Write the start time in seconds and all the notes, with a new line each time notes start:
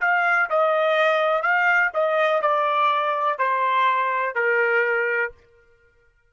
0.00 F5
0.50 D#5
1.42 F5
1.94 D#5
2.41 D5
3.38 C5
4.35 A#4